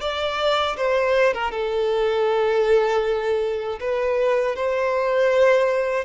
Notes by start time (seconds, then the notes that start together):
0.00 D5
0.77 C5
1.33 A#4
1.51 A4
3.80 B4
4.56 C5